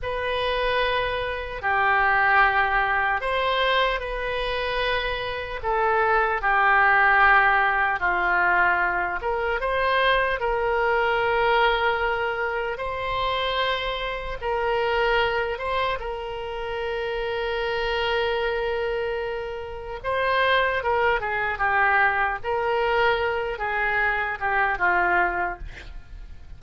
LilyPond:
\new Staff \with { instrumentName = "oboe" } { \time 4/4 \tempo 4 = 75 b'2 g'2 | c''4 b'2 a'4 | g'2 f'4. ais'8 | c''4 ais'2. |
c''2 ais'4. c''8 | ais'1~ | ais'4 c''4 ais'8 gis'8 g'4 | ais'4. gis'4 g'8 f'4 | }